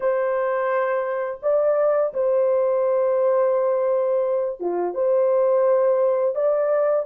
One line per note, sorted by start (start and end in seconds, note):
0.00 1.40 C5
1.42 2.13 D5
2.13 4.60 C5
4.60 4.94 F4
4.94 6.35 C5
6.35 7.05 D5